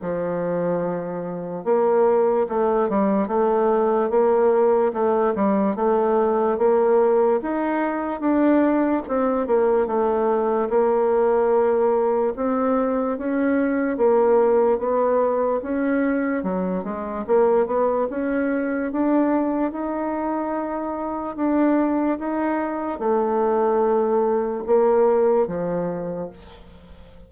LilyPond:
\new Staff \with { instrumentName = "bassoon" } { \time 4/4 \tempo 4 = 73 f2 ais4 a8 g8 | a4 ais4 a8 g8 a4 | ais4 dis'4 d'4 c'8 ais8 | a4 ais2 c'4 |
cis'4 ais4 b4 cis'4 | fis8 gis8 ais8 b8 cis'4 d'4 | dis'2 d'4 dis'4 | a2 ais4 f4 | }